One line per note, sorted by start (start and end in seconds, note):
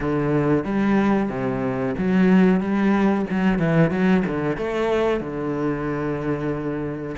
0.00 0.64 D3
0.64 1.29 G3
1.29 1.94 C3
1.98 2.60 F#3
2.60 3.25 G3
3.30 3.58 F#3
3.58 3.90 E3
3.90 4.23 F#3
4.27 4.57 D3
4.57 5.20 A3
5.20 7.16 D3